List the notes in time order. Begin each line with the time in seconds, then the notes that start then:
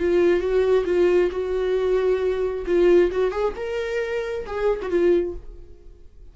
0.00 F4
0.40 F#4
0.85 F4
1.31 F#4
2.66 F4
3.11 F#4
3.32 G#4
3.56 A#4
4.47 G#4
4.82 F#4
4.90 F4